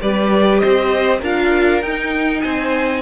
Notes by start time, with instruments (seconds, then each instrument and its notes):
0.00 cello G3, viola G4, violin B4 D5
0.59 violin C5 D#5
0.65 cello C4
1.20 cello D4, viola F4, violin A#4 F5
1.82 cello D#4, viola D#4, violin G5
2.41 cello C4, violin C5 G#5